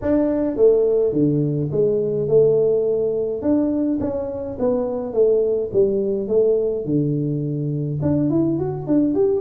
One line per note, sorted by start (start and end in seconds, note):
0.01 0.56 D4
0.56 1.12 A3
1.12 1.69 D3
1.71 2.28 G#3
2.28 3.41 A3
3.41 3.98 D4
4.00 4.57 C#4
4.59 5.13 B3
5.13 5.70 A3
5.72 6.28 G3
6.28 6.85 A3
6.85 7.99 D3
8.02 8.30 D4
8.30 8.58 E4
8.58 8.86 F#4
8.86 9.14 D4
9.14 9.41 G4